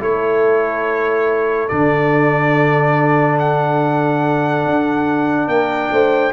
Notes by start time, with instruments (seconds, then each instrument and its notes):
0.00 tuba A3, trombone E4, horn A4, trumpet C#5
1.69 tuba D3, trombone D4, trumpet D5
3.39 trumpet F#5
4.65 tuba D4
5.48 tuba A#3, horn A#4, trumpet G5
5.92 tuba A3, horn C5